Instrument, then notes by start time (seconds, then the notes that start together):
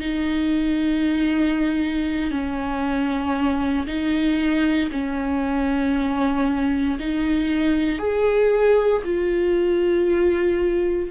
viola
0.00 D#4
2.31 C#4
3.87 D#4
4.91 C#4
6.99 D#4
7.98 G#4
9.04 F4